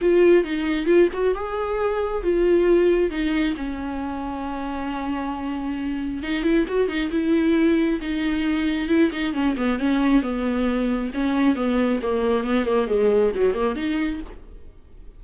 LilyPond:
\new Staff \with { instrumentName = "viola" } { \time 4/4 \tempo 4 = 135 f'4 dis'4 f'8 fis'8 gis'4~ | gis'4 f'2 dis'4 | cis'1~ | cis'2 dis'8 e'8 fis'8 dis'8 |
e'2 dis'2 | e'8 dis'8 cis'8 b8 cis'4 b4~ | b4 cis'4 b4 ais4 | b8 ais8 gis4 fis8 ais8 dis'4 | }